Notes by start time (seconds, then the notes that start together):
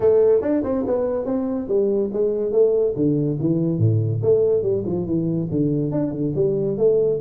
0.00 A3
0.41 D4
0.63 C4
0.86 B3
1.25 C4
1.67 G3
2.12 G#3
2.51 A3
2.96 D3
3.40 E3
3.78 A2
4.22 A3
4.62 G3
4.85 F3
5.06 E3
5.50 D3
5.91 D4
6.11 D3
6.35 G3
6.77 A3